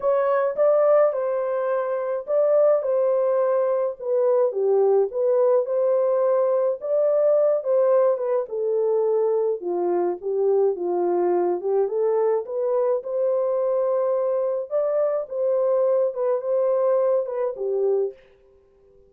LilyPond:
\new Staff \with { instrumentName = "horn" } { \time 4/4 \tempo 4 = 106 cis''4 d''4 c''2 | d''4 c''2 b'4 | g'4 b'4 c''2 | d''4. c''4 b'8 a'4~ |
a'4 f'4 g'4 f'4~ | f'8 g'8 a'4 b'4 c''4~ | c''2 d''4 c''4~ | c''8 b'8 c''4. b'8 g'4 | }